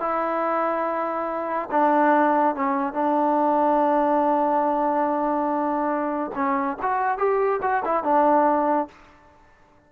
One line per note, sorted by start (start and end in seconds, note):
0.00 1.69 E4
1.71 2.55 D4
2.55 2.93 C#4
2.93 6.31 D4
6.35 6.77 C#4
6.82 7.18 F#4
7.18 7.60 G4
7.62 7.83 F#4
7.85 8.04 E4
8.04 8.88 D4